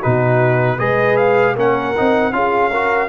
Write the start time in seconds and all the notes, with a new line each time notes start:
0.00 B2 D#4 F#4 B4
0.78 G#3 G#4 B4 D#5
1.17 F5
1.56 A#3 C#4 A#4 F#5
1.97 C4 D#4
2.33 C#4 F4 G#4 F5
2.71 F#4 A#4